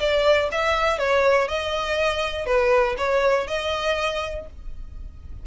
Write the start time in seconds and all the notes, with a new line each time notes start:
0.00 D5
0.52 E5
0.98 C#5
1.48 D#5
2.46 B4
2.98 C#5
3.48 D#5